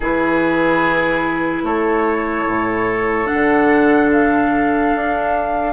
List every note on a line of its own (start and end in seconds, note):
0.00 1.62 E3
0.00 3.25 E4
0.00 1.63 G#4
0.00 1.65 B4
1.63 2.45 A3
1.63 5.73 A4
1.63 3.27 C#5
2.46 3.28 A2
3.25 5.72 D4
3.25 4.09 F#5
3.33 4.94 D3
4.11 5.73 F5
4.94 5.73 D4